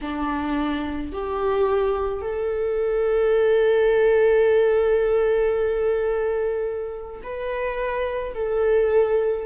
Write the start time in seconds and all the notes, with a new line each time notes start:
0.01 D4
1.12 G4
2.21 A4
7.23 B4
8.34 A4